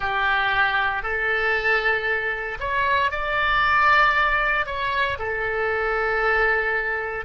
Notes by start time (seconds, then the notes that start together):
0.00 G4
1.03 A4
2.60 C#5
3.11 D5
4.66 C#5
5.19 A4